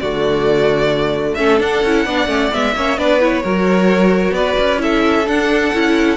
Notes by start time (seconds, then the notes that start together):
0.00 D3 A3 F#4 D5
1.35 A3 C#4 A4 E5
1.58 D4 F#5
1.83 C#4 E4
2.06 B3 D4 D5
2.27 A3 C#4
2.53 G#3 B3 E5
2.75 A#3 C#4 C#5
2.98 B3 D4 B4 D5
3.21 E4 C#5
3.43 F#3 F#4 A#4
4.32 B3 B4 D5
4.59 C#4
4.78 E4 A4 E5
5.28 D4 F#5
5.74 C#4 E4